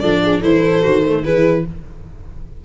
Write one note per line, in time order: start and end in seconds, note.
0.00 0.43 F3
0.00 0.42 D4
0.00 0.22 A4
0.00 0.41 D5
0.23 0.40 G#4
0.40 0.85 E3
0.40 0.82 E4
0.40 1.21 A4
0.40 1.24 C5
0.82 1.24 D#3
0.82 1.03 F#4
1.05 1.23 A3
1.23 1.65 E3
1.23 1.64 E4
1.23 1.65 G#4
1.23 1.65 B4